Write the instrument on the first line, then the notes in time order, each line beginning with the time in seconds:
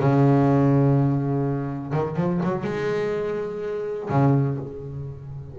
double bass
0.00 C#3
1.93 D#3
2.16 F3
2.43 F#3
2.64 G#3
4.10 C#3